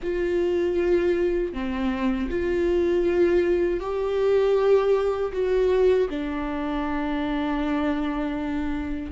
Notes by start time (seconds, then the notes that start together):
0.02 F4
1.53 C4
2.30 F4
3.80 G4
5.32 F#4
6.09 D4